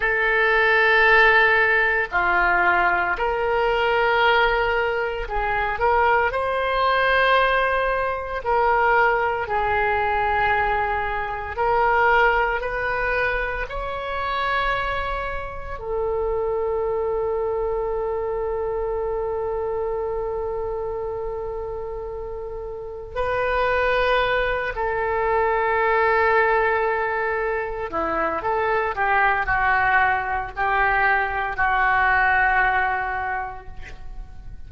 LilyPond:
\new Staff \with { instrumentName = "oboe" } { \time 4/4 \tempo 4 = 57 a'2 f'4 ais'4~ | ais'4 gis'8 ais'8 c''2 | ais'4 gis'2 ais'4 | b'4 cis''2 a'4~ |
a'1~ | a'2 b'4. a'8~ | a'2~ a'8 e'8 a'8 g'8 | fis'4 g'4 fis'2 | }